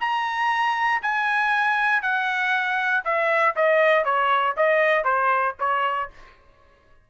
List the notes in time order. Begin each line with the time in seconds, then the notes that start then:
0.00 A#5
1.02 G#5
2.02 F#5
3.04 E5
3.56 D#5
4.04 C#5
4.56 D#5
5.04 C5
5.59 C#5